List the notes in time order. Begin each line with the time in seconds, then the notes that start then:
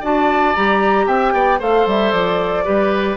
0.00 D4 F#4 D5 A5
0.55 G3 G4 A#5
1.06 C4 E5 G5
1.33 B3 D5
1.59 A3 A4 C5 F5
1.86 G3 E5
2.11 F3 D5
2.64 G3 G4 B4